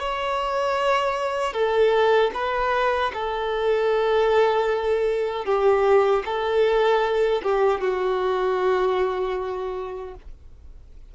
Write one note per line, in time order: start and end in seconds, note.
0.00 1.53 C#5
1.53 2.31 A4
2.34 3.12 B4
3.14 5.46 A4
5.46 6.24 G4
6.26 7.42 A4
7.43 7.81 G4
7.81 10.15 F#4